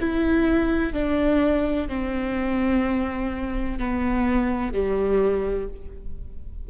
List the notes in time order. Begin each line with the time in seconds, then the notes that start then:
0.00 E4
0.93 D4
1.88 C4
3.79 B3
4.73 G3